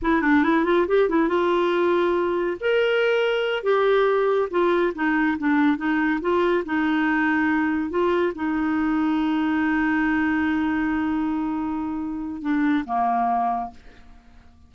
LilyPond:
\new Staff \with { instrumentName = "clarinet" } { \time 4/4 \tempo 4 = 140 e'8 d'8 e'8 f'8 g'8 e'8 f'4~ | f'2 ais'2~ | ais'8 g'2 f'4 dis'8~ | dis'8 d'4 dis'4 f'4 dis'8~ |
dis'2~ dis'8 f'4 dis'8~ | dis'1~ | dis'1~ | dis'4 d'4 ais2 | }